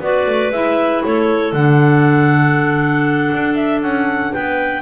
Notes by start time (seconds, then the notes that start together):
0.00 B3 F#4 B4 D5
0.26 A3
0.51 G#3 E4 E5
1.04 A3 A4 C#5
1.53 D3 D4 F#5
3.33 D4
3.55 E5
3.82 C#4 F#5
4.32 B3 B4 G5